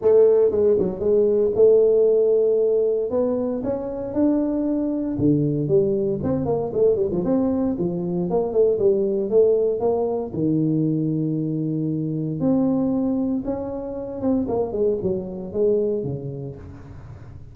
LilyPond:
\new Staff \with { instrumentName = "tuba" } { \time 4/4 \tempo 4 = 116 a4 gis8 fis8 gis4 a4~ | a2 b4 cis'4 | d'2 d4 g4 | c'8 ais8 a8 g16 f16 c'4 f4 |
ais8 a8 g4 a4 ais4 | dis1 | c'2 cis'4. c'8 | ais8 gis8 fis4 gis4 cis4 | }